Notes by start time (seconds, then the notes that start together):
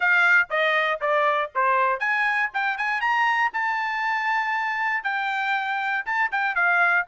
0.00 F5
0.50 D#5
1.00 D5
1.54 C5
1.99 G#5
2.53 G5
2.77 G#5
3.00 A#5
3.53 A5
5.03 G5
6.05 A5
6.31 G5
6.55 F5